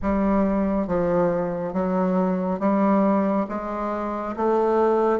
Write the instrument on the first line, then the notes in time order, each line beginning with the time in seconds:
bassoon
0.02 G3
0.87 F3
1.73 F#3
2.59 G3
3.48 G#3
4.36 A3